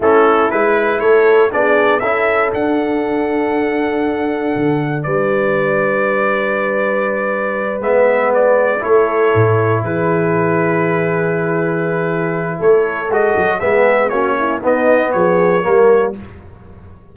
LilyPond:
<<
  \new Staff \with { instrumentName = "trumpet" } { \time 4/4 \tempo 4 = 119 a'4 b'4 cis''4 d''4 | e''4 fis''2.~ | fis''2 d''2~ | d''2.~ d''8 e''8~ |
e''8 d''4 cis''2 b'8~ | b'1~ | b'4 cis''4 dis''4 e''4 | cis''4 dis''4 cis''2 | }
  \new Staff \with { instrumentName = "horn" } { \time 4/4 e'2 a'4 gis'4 | a'1~ | a'2 b'2~ | b'1~ |
b'4. a'2 gis'8~ | gis'1~ | gis'4 a'2 gis'4 | fis'8 e'8 dis'4 gis'4 ais'4 | }
  \new Staff \with { instrumentName = "trombone" } { \time 4/4 cis'4 e'2 d'4 | e'4 d'2.~ | d'1~ | d'2.~ d'8 b8~ |
b4. e'2~ e'8~ | e'1~ | e'2 fis'4 b4 | cis'4 b2 ais4 | }
  \new Staff \with { instrumentName = "tuba" } { \time 4/4 a4 gis4 a4 b4 | cis'4 d'2.~ | d'4 d4 g2~ | g2.~ g8 gis8~ |
gis4. a4 a,4 e8~ | e1~ | e4 a4 gis8 fis8 gis4 | ais4 b4 f4 g4 | }
>>